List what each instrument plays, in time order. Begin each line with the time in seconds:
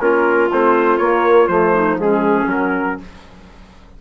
0.00 bassoon A#3, trombone C#4, clarinet F4, trumpet A#4
0.52 bassoon A3, trombone C4, trumpet C5
0.98 bassoon A#3, trombone A#3, trumpet C#5
1.47 bassoon F3, trombone A3, trumpet C5
1.74 clarinet D#4
1.98 trombone G#3, clarinet C#4, trumpet G#4
2.47 bassoon F#3, trombone F#3, trumpet A#4